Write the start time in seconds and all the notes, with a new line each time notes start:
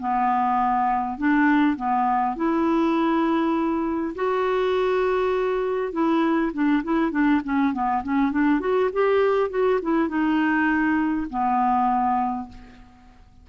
0.00 B3
1.18 D4
1.77 B3
2.36 E4
4.15 F#4
5.92 E4
6.53 D4
6.84 E4
7.12 D4
7.44 C#4
7.73 B3
8.04 C#4
8.32 D4
8.60 F#4
8.93 G4
9.50 F#4
9.82 E4
10.09 D#4
11.30 B3